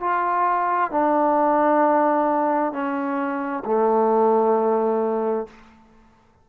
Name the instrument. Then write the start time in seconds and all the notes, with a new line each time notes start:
trombone
0.00 F4
0.91 D4
2.72 C#4
3.65 A3